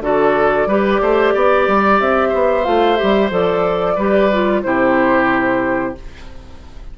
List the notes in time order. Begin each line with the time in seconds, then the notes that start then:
0.00 D3 F#4 A4 D5
0.66 G3 G4 B4
1.01 A3 C5
1.33 B3 D5
1.67 G3
2.00 C4 E5
2.28 B3 C5
2.64 A3 F4 F5
2.96 G4 E5
3.02 G3
3.30 F3 A4 D5
3.95 G3 G4 B4
4.32 F4
4.62 C3 E4 G4 C5